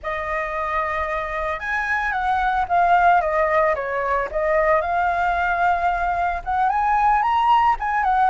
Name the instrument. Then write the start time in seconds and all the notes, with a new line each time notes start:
flute
0.02 D#5
1.59 G#5
2.12 F#5
2.68 F5
3.21 D#5
3.75 C#5
4.31 D#5
4.81 F5
6.44 F#5
6.69 G#5
7.22 A#5
7.79 G#5
8.03 F#5